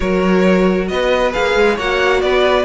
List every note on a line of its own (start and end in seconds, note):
0.00 0.90 F#3
0.00 1.32 F#4
0.00 0.88 A#4
0.00 0.88 C#5
0.88 1.34 B3
0.88 1.75 B4
0.88 1.32 D#5
1.32 1.55 A#3
1.32 1.77 G#4
1.32 1.77 F5
1.55 1.77 G#3
1.75 2.22 A#3
1.75 2.64 F#4
1.75 2.20 C#5
1.75 2.21 F#5
2.21 2.64 B3
2.21 2.64 B4
2.21 2.64 D5